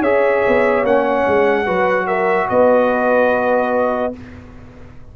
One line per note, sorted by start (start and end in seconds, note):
0.00 0.42 C#4
0.00 0.85 G#4
0.00 1.64 C#5
0.00 0.85 E5
0.47 0.84 B3
0.84 1.25 A#3
0.84 1.66 C#4
0.84 2.07 F#5
1.27 1.68 G#3
1.65 2.50 F#3
1.65 4.13 F#4
1.65 2.07 B4
2.07 2.48 A#4
2.07 2.48 E5
2.49 4.15 B3
2.49 4.16 B4
2.49 4.14 D#5